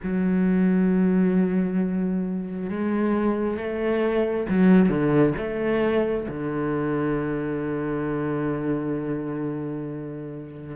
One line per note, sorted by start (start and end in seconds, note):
0.03 2.69 F#3
2.69 3.57 G#3
3.57 4.47 A3
4.49 4.88 F#3
4.88 5.33 D3
5.37 6.27 A3
6.28 10.76 D3